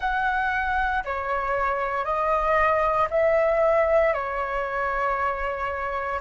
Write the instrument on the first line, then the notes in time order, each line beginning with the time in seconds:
flute
0.00 F#5
1.04 C#5
2.04 D#5
3.10 E5
4.13 C#5